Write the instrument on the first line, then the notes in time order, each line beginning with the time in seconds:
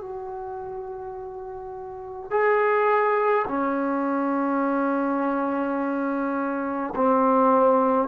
trombone
0.00 F#4
2.30 G#4
3.47 C#4
6.95 C4